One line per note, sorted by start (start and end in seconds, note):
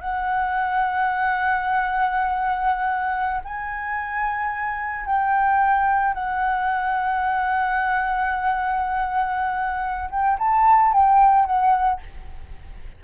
0.00 3.41 F#5
3.44 5.06 G#5
5.06 6.14 G5
6.14 10.09 F#5
10.10 10.37 G5
10.39 10.92 A5
10.92 11.45 G5
11.45 12.00 F#5